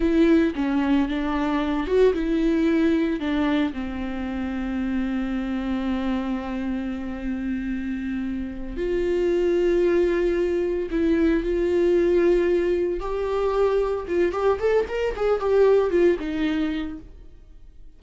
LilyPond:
\new Staff \with { instrumentName = "viola" } { \time 4/4 \tempo 4 = 113 e'4 cis'4 d'4. fis'8 | e'2 d'4 c'4~ | c'1~ | c'1~ |
c'8 f'2.~ f'8~ | f'8 e'4 f'2~ f'8~ | f'8 g'2 f'8 g'8 a'8 | ais'8 gis'8 g'4 f'8 dis'4. | }